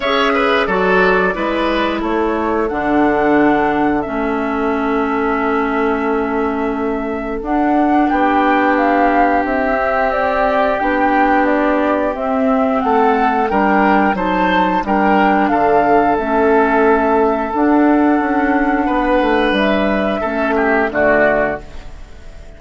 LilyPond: <<
  \new Staff \with { instrumentName = "flute" } { \time 4/4 \tempo 4 = 89 e''4 d''2 cis''4 | fis''2 e''2~ | e''2. fis''4 | g''4 f''4 e''4 d''4 |
g''4 d''4 e''4 fis''4 | g''4 a''4 g''4 f''4 | e''2 fis''2~ | fis''4 e''2 d''4 | }
  \new Staff \with { instrumentName = "oboe" } { \time 4/4 cis''8 b'8 a'4 b'4 a'4~ | a'1~ | a'1 | g'1~ |
g'2. a'4 | ais'4 c''4 ais'4 a'4~ | a'1 | b'2 a'8 g'8 fis'4 | }
  \new Staff \with { instrumentName = "clarinet" } { \time 4/4 gis'4 fis'4 e'2 | d'2 cis'2~ | cis'2. d'4~ | d'2~ d'8 c'4. |
d'2 c'2 | d'4 dis'4 d'2 | cis'2 d'2~ | d'2 cis'4 a4 | }
  \new Staff \with { instrumentName = "bassoon" } { \time 4/4 cis'4 fis4 gis4 a4 | d2 a2~ | a2. d'4 | b2 c'2 |
b2 c'4 a4 | g4 fis4 g4 d4 | a2 d'4 cis'4 | b8 a8 g4 a4 d4 | }
>>